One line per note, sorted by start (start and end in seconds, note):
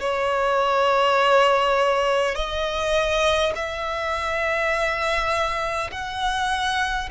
0.00 2.35 C#5
2.35 3.53 D#5
3.56 5.91 E5
5.91 7.09 F#5